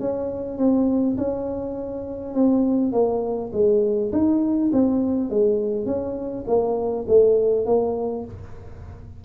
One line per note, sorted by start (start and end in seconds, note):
0.00 0.58 C#4
0.58 1.17 C4
1.18 2.34 C#4
2.34 2.92 C4
2.92 3.51 A#3
3.52 4.11 G#3
4.12 4.71 D#4
4.73 5.30 C4
5.30 5.86 G#3
5.86 6.45 C#4
6.47 7.06 A#3
7.08 7.66 A3
7.66 8.25 A#3